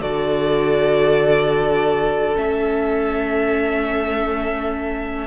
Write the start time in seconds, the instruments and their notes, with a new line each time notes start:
0.00 cello D3, viola F#4, violin A4 D5
2.35 cello A3, viola C#4, violin E5